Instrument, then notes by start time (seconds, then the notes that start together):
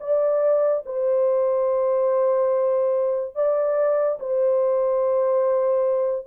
horn
0.00 D5
0.86 C5
3.35 D5
4.19 C5